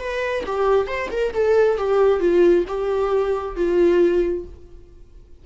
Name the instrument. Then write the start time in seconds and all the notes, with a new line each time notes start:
viola
0.00 B4
0.46 G4
0.87 C5
1.12 A#4
1.34 A4
1.78 G4
2.21 F4
2.68 G4
3.56 F4